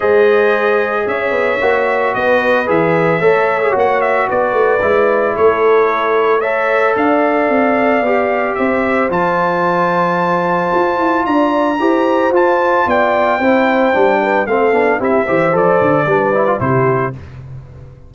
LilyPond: <<
  \new Staff \with { instrumentName = "trumpet" } { \time 4/4 \tempo 4 = 112 dis''2 e''2 | dis''4 e''2 fis''8 e''8 | d''2 cis''2 | e''4 f''2. |
e''4 a''2.~ | a''4 ais''2 a''4 | g''2. f''4 | e''4 d''2 c''4 | }
  \new Staff \with { instrumentName = "horn" } { \time 4/4 c''2 cis''2 | b'2 cis''2 | b'2 a'2 | cis''4 d''2. |
c''1~ | c''4 d''4 c''2 | d''4 c''4. b'8 a'4 | g'8 c''4. b'4 g'4 | }
  \new Staff \with { instrumentName = "trombone" } { \time 4/4 gis'2. fis'4~ | fis'4 gis'4 a'8. gis'16 fis'4~ | fis'4 e'2. | a'2. g'4~ |
g'4 f'2.~ | f'2 g'4 f'4~ | f'4 e'4 d'4 c'8 d'8 | e'8 g'8 a'4 d'8 e'16 f'16 e'4 | }
  \new Staff \with { instrumentName = "tuba" } { \time 4/4 gis2 cis'8 b8 ais4 | b4 e4 a4 ais4 | b8 a8 gis4 a2~ | a4 d'4 c'4 b4 |
c'4 f2. | f'8 e'8 d'4 e'4 f'4 | b4 c'4 g4 a8 b8 | c'8 e8 f8 d8 g4 c4 | }
>>